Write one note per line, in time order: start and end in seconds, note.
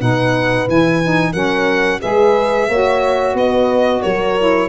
0.00 0.68 B2
0.00 0.68 D#4
0.00 1.33 B4
0.00 0.68 F#5
0.68 1.34 E3
0.68 1.02 E4
0.68 1.33 G#5
1.03 1.33 D#4
1.33 2.01 F#3
1.33 2.00 C#4
1.33 2.00 A#4
1.33 2.00 F#5
2.01 2.69 G#3
2.01 2.68 G#4
2.01 2.69 B4
2.01 3.37 E5
2.69 3.34 A#3
2.69 4.39 F#4
2.69 3.36 C#5
3.34 4.01 B3
3.34 4.02 B4
3.34 4.02 D#5
4.02 4.69 F#3
4.02 4.69 A#4
4.02 4.69 C#5
4.39 4.69 E4